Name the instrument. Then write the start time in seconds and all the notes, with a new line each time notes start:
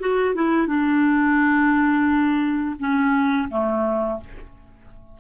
clarinet
0.00 F#4
0.35 E4
0.67 D4
2.79 C#4
3.50 A3